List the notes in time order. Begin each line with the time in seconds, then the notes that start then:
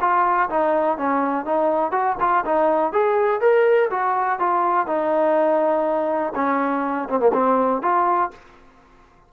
0.00 F4
0.49 D#4
0.97 C#4
1.45 D#4
1.91 F#4
2.20 F4
2.45 D#4
2.92 G#4
3.41 A#4
3.90 F#4
4.39 F4
4.87 D#4
6.35 C#4
7.09 C4
7.19 A#3
7.33 C4
7.82 F4